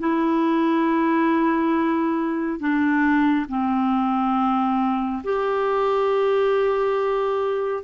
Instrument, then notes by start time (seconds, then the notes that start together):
clarinet
0.00 E4
2.60 D4
3.49 C4
5.24 G4